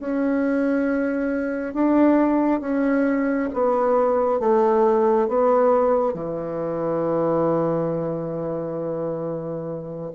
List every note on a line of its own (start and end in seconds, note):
0.00 1.74 C#4
1.74 2.61 D4
2.61 3.49 C#4
3.53 4.40 B3
4.40 5.28 A3
5.28 6.14 B3
6.14 10.11 E3